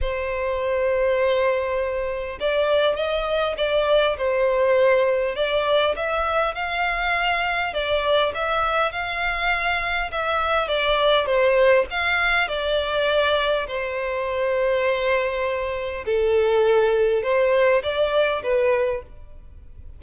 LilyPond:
\new Staff \with { instrumentName = "violin" } { \time 4/4 \tempo 4 = 101 c''1 | d''4 dis''4 d''4 c''4~ | c''4 d''4 e''4 f''4~ | f''4 d''4 e''4 f''4~ |
f''4 e''4 d''4 c''4 | f''4 d''2 c''4~ | c''2. a'4~ | a'4 c''4 d''4 b'4 | }